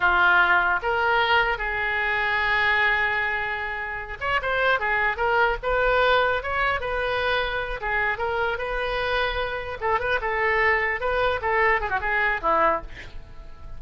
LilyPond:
\new Staff \with { instrumentName = "oboe" } { \time 4/4 \tempo 4 = 150 f'2 ais'2 | gis'1~ | gis'2~ gis'8 cis''8 c''4 | gis'4 ais'4 b'2 |
cis''4 b'2~ b'8 gis'8~ | gis'8 ais'4 b'2~ b'8~ | b'8 a'8 b'8 a'2 b'8~ | b'8 a'4 gis'16 fis'16 gis'4 e'4 | }